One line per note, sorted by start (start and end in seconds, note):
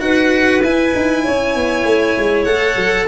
0.00 0.62 D#4
0.00 0.61 F#4
0.00 1.24 B4
0.00 0.62 F#5
0.62 0.93 E4
0.62 2.48 E4
0.62 2.44 G#5
0.96 1.26 D#4
1.24 1.55 C#4
1.24 3.08 C#5
1.55 1.85 B3
1.85 2.16 A3
2.18 2.46 G#3
2.44 2.76 A3
2.44 3.08 A4
2.44 3.06 F#5
2.76 3.07 F#3